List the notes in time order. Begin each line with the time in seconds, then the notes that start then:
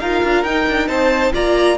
0.00 D#4 F4 A#4 F5
0.24 D4
0.44 D#4 G5
0.69 D4
0.89 C4 C5 A5
1.34 A#3 F4 D5 A#5